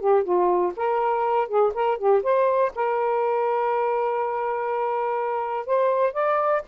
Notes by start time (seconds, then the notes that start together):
0.00 G4
0.24 F4
0.77 A#4
1.48 G#4
1.74 A#4
1.98 G4
2.23 C5
2.76 A#4
5.66 C5
6.14 D5